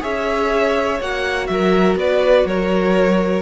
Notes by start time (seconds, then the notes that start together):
0.00 C#4 G#4 C#5 E5
0.99 A#3 F#4 F#5
1.47 F#3 A#4 E5
1.95 B3 B4 D5
2.45 F#3 A#4 C#5